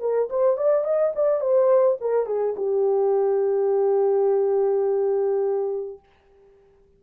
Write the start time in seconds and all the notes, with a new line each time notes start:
0.00 A#4
0.30 C5
0.57 D5
0.84 D#5
1.16 D5
1.41 C5
2.01 A#4
2.26 G#4
2.57 G4